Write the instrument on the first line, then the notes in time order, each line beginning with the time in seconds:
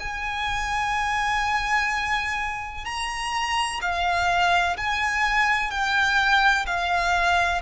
violin
0.00 G#5
2.85 A#5
3.81 F5
4.77 G#5
5.71 G5
6.66 F5